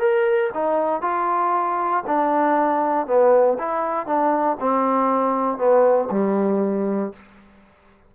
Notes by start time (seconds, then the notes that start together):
0.00 A#4
0.54 D#4
1.02 F4
2.07 D4
3.07 B3
3.59 E4
4.07 D4
4.61 C4
5.58 B3
6.11 G3